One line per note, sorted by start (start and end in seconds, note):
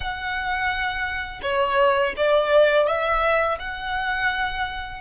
0.00 1.40 F#5
1.42 2.14 C#5
2.16 2.87 D5
2.87 3.58 E5
3.59 5.00 F#5